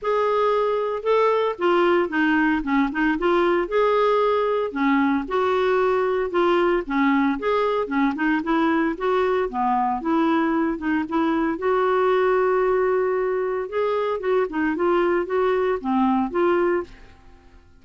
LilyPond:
\new Staff \with { instrumentName = "clarinet" } { \time 4/4 \tempo 4 = 114 gis'2 a'4 f'4 | dis'4 cis'8 dis'8 f'4 gis'4~ | gis'4 cis'4 fis'2 | f'4 cis'4 gis'4 cis'8 dis'8 |
e'4 fis'4 b4 e'4~ | e'8 dis'8 e'4 fis'2~ | fis'2 gis'4 fis'8 dis'8 | f'4 fis'4 c'4 f'4 | }